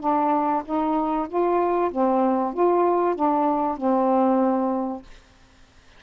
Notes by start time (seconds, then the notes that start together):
0.00 D4
0.65 D#4
1.28 F4
1.91 C4
2.53 F4
3.15 D4
3.77 C4